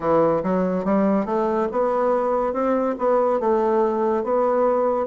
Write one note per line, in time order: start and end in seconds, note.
0.00 0.42 E3
0.43 0.85 F#3
0.85 1.25 G3
1.25 1.67 A3
1.71 2.53 B3
2.53 2.95 C4
2.98 3.40 B3
3.40 4.23 A3
4.23 5.06 B3